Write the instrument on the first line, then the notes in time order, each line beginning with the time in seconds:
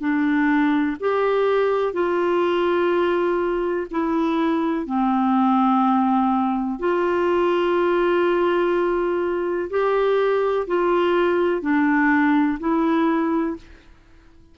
clarinet
0.00 D4
1.00 G4
1.94 F4
3.91 E4
4.87 C4
6.80 F4
9.70 G4
10.67 F4
11.62 D4
12.60 E4